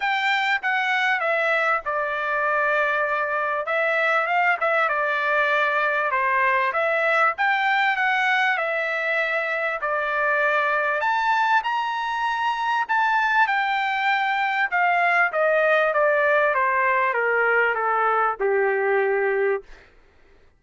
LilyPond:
\new Staff \with { instrumentName = "trumpet" } { \time 4/4 \tempo 4 = 98 g''4 fis''4 e''4 d''4~ | d''2 e''4 f''8 e''8 | d''2 c''4 e''4 | g''4 fis''4 e''2 |
d''2 a''4 ais''4~ | ais''4 a''4 g''2 | f''4 dis''4 d''4 c''4 | ais'4 a'4 g'2 | }